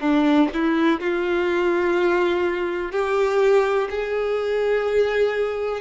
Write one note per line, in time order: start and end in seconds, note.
0.00 0.48 D4
0.53 1.00 E4
1.00 2.92 F4
2.92 3.88 G4
3.90 5.81 G#4